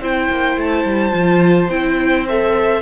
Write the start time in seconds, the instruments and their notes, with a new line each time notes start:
0.00 cello C4, viola E4, violin C5 G5
0.31 cello A#3
0.57 cello A3, violin A5
0.85 cello G3
1.12 cello F3, viola F4
1.70 cello C4, viola E4, violin G5
2.29 viola A4, violin E5